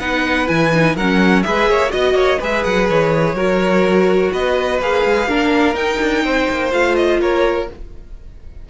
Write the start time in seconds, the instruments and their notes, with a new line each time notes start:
0.00 cello B3, viola D#4, violin B4 F#5
0.47 cello E3, viola E4, violin G#5
0.74 viola D#4
0.96 cello F#3, viola C#4, violin A#4 F#5
1.43 cello G#3, viola G#4, violin B4 E5
1.68 cello A#3, violin C#5
1.89 cello B3, viola F#4, violin D#5
2.14 cello A#3, violin C#5
2.40 cello G#3, viola G#4, violin B4 E5
2.64 cello F#3, violin F#5
2.89 cello E3, violin C#5
3.34 cello F#3, viola F#4, violin A#4
4.33 cello B3, violin B4 D#5
4.80 cello A#3, viola G#4, violin F5
5.05 cello G#3
5.28 cello A#3, viola D4, violin A#4
5.74 viola D#4, cello D#4, violin G5
6.01 cello D4
6.24 cello C4, violin C5
6.50 cello A#3
6.71 cello A3, viola F4, violin F5
6.96 violin D#5
7.20 cello A#3, violin A#4 C#5